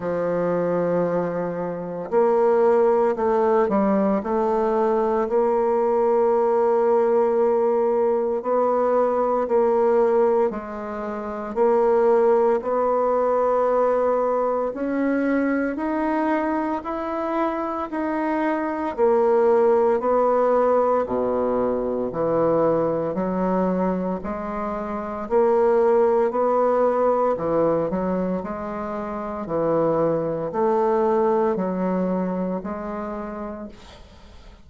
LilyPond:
\new Staff \with { instrumentName = "bassoon" } { \time 4/4 \tempo 4 = 57 f2 ais4 a8 g8 | a4 ais2. | b4 ais4 gis4 ais4 | b2 cis'4 dis'4 |
e'4 dis'4 ais4 b4 | b,4 e4 fis4 gis4 | ais4 b4 e8 fis8 gis4 | e4 a4 fis4 gis4 | }